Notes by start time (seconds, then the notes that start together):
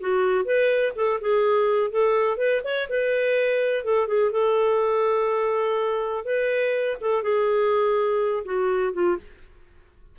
0.00 F#4
0.45 B4
0.95 A4
1.21 G#4
1.91 A4
2.37 B4
2.64 C#5
2.89 B4
3.84 A4
4.07 G#4
4.32 A4
6.25 B4
7.01 A4
7.23 G#4
8.45 F#4
8.93 F4